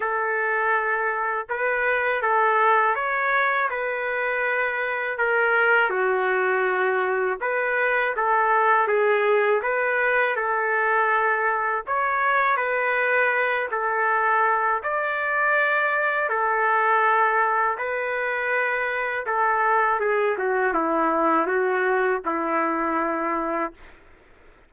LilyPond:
\new Staff \with { instrumentName = "trumpet" } { \time 4/4 \tempo 4 = 81 a'2 b'4 a'4 | cis''4 b'2 ais'4 | fis'2 b'4 a'4 | gis'4 b'4 a'2 |
cis''4 b'4. a'4. | d''2 a'2 | b'2 a'4 gis'8 fis'8 | e'4 fis'4 e'2 | }